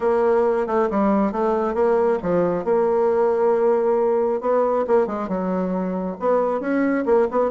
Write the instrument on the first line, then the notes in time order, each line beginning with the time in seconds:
bassoon
0.00 A#3
0.66 A3
0.90 G3
1.32 A3
1.74 A#3
2.22 F3
2.64 A#3
4.41 B3
4.87 A#3
5.07 G#3
5.28 F#3
6.19 B3
6.60 C#4
7.05 A#3
7.31 B3